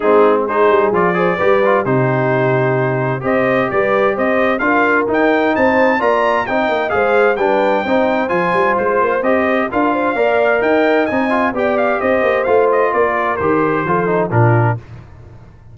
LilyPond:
<<
  \new Staff \with { instrumentName = "trumpet" } { \time 4/4 \tempo 4 = 130 gis'4 c''4 d''2 | c''2. dis''4 | d''4 dis''4 f''4 g''4 | a''4 ais''4 g''4 f''4 |
g''2 gis''4 c''4 | dis''4 f''2 g''4 | gis''4 g''8 f''8 dis''4 f''8 dis''8 | d''4 c''2 ais'4 | }
  \new Staff \with { instrumentName = "horn" } { \time 4/4 dis'4 gis'4. c''8 b'4 | g'2. c''4 | b'4 c''4 ais'2 | c''4 d''4 dis''4 c''4 |
b'4 c''2.~ | c''4 ais'8 c''8 d''4 dis''4~ | dis''4 d''4 c''2 | ais'2 a'4 f'4 | }
  \new Staff \with { instrumentName = "trombone" } { \time 4/4 c'4 dis'4 f'8 gis'8 g'8 f'8 | dis'2. g'4~ | g'2 f'4 dis'4~ | dis'4 f'4 dis'4 gis'4 |
d'4 dis'4 f'2 | g'4 f'4 ais'2 | dis'8 f'8 g'2 f'4~ | f'4 g'4 f'8 dis'8 d'4 | }
  \new Staff \with { instrumentName = "tuba" } { \time 4/4 gis4. g8 f4 g4 | c2. c'4 | g4 c'4 d'4 dis'4 | c'4 ais4 c'8 ais8 gis4 |
g4 c'4 f8 g8 gis8 ais8 | c'4 d'4 ais4 dis'4 | c'4 b4 c'8 ais8 a4 | ais4 dis4 f4 ais,4 | }
>>